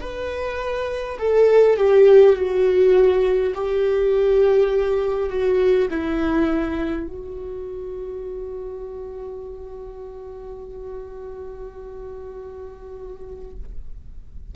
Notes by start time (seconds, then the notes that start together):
0.00 B4
1.19 A4
1.77 G4
2.36 F#4
3.55 G4
5.29 F#4
5.90 E4
7.07 F#4